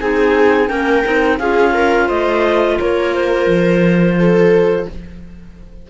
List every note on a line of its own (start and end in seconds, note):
0.00 0.70 C4
0.00 0.68 D#4
0.00 0.69 G#4
0.00 0.68 G#5
0.68 1.05 A#3
0.68 1.03 C#4
0.68 1.39 A#4
0.68 1.38 G5
1.04 1.40 C4
1.04 1.39 D#4
1.39 2.09 C#4
1.39 4.90 F4
1.39 1.74 G#4
1.39 2.09 F5
1.74 2.07 A#4
2.07 2.79 A3
2.07 2.77 C5
2.07 2.78 D#5
2.80 3.47 A#3
2.80 4.19 A#4
2.80 3.14 C#5
3.14 4.89 C5
3.47 4.86 F3
4.19 4.89 A4